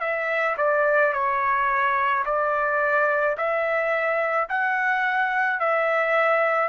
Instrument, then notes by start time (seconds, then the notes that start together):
trumpet
0.00 E5
0.58 D5
1.13 C#5
2.25 D5
3.37 E5
4.49 F#5
5.60 E5